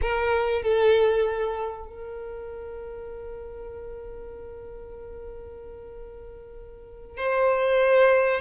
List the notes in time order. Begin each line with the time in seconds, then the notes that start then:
0.01 A#4
0.62 A4
1.87 A#4
7.17 C5